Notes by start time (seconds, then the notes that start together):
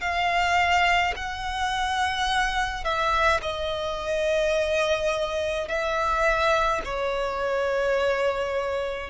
0.00 F5
1.16 F#5
2.84 E5
3.41 D#5
5.68 E5
6.84 C#5